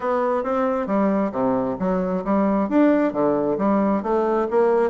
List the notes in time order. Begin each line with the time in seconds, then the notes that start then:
0.00 B3
0.43 C4
0.86 G3
1.32 C3
1.79 F#3
2.24 G3
2.69 D4
3.12 D3
3.58 G3
4.02 A3
4.50 A#3